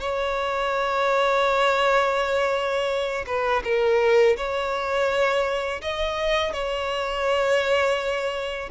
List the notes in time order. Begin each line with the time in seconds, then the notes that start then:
0.00 C#5
3.26 B4
3.64 A#4
4.36 C#5
5.82 D#5
6.53 C#5